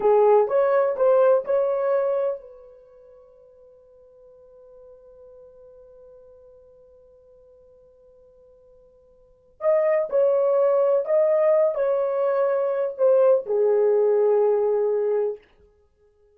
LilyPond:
\new Staff \with { instrumentName = "horn" } { \time 4/4 \tempo 4 = 125 gis'4 cis''4 c''4 cis''4~ | cis''4 b'2.~ | b'1~ | b'1~ |
b'1 | dis''4 cis''2 dis''4~ | dis''8 cis''2~ cis''8 c''4 | gis'1 | }